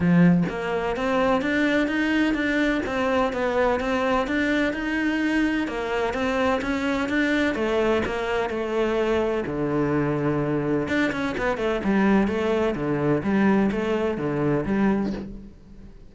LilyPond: \new Staff \with { instrumentName = "cello" } { \time 4/4 \tempo 4 = 127 f4 ais4 c'4 d'4 | dis'4 d'4 c'4 b4 | c'4 d'4 dis'2 | ais4 c'4 cis'4 d'4 |
a4 ais4 a2 | d2. d'8 cis'8 | b8 a8 g4 a4 d4 | g4 a4 d4 g4 | }